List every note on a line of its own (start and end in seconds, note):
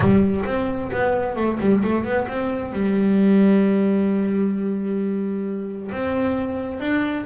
0.00 0.44 G3
0.45 0.90 C4
0.92 1.36 B3
1.36 1.58 A3
1.60 1.82 G3
1.83 2.04 A3
2.04 2.27 B3
2.28 2.72 C4
2.72 5.90 G3
5.91 6.80 C4
6.80 7.25 D4